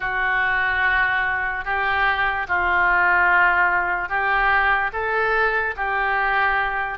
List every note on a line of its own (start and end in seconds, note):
0.00 1.64 F#4
1.64 2.47 G4
2.48 4.08 F4
4.08 4.91 G4
4.92 5.75 A4
5.76 6.98 G4